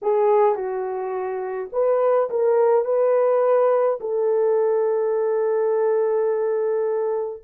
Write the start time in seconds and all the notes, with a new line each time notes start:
0.02 G#4
0.55 F#4
1.72 B4
2.30 A#4
2.84 B4
4.00 A4